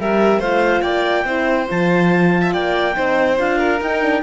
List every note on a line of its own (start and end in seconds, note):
0.00 0.39 G3
0.00 0.43 G4
0.00 0.39 A#4
0.00 0.42 E5
0.39 0.82 A3
0.39 1.26 F4
0.39 0.82 C5
0.39 0.82 F5
0.82 1.25 A#3
0.82 1.25 D5
0.82 1.67 G5
1.25 1.67 C4
1.25 1.68 E4
1.25 2.42 C5
1.68 2.54 F3
1.68 2.95 F4
1.68 2.54 A5
2.42 2.52 E5
2.53 2.96 A#3
2.53 2.96 D5
2.53 3.39 G5
2.95 3.40 C4
2.95 3.37 D#4
2.95 3.58 C5
3.38 3.81 D4
3.38 3.81 F4
3.38 3.82 F5
3.58 4.22 A#4
3.81 4.23 D#4
3.81 4.02 D#4
3.81 4.23 G5
4.02 4.23 D4